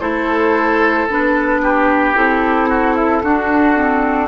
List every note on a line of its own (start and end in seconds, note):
0.00 1.08 A3
0.00 1.08 E4
0.00 1.61 A4
0.00 1.07 C5
1.09 2.16 B3
1.09 2.14 D4
1.09 2.16 B4
1.62 2.69 G4
2.14 3.23 C4
2.14 3.21 E4
2.14 4.27 A4
2.69 2.95 F#4
2.95 3.22 E4
3.23 4.27 D4
3.23 3.75 D4
3.23 4.27 F#4
3.75 4.27 C4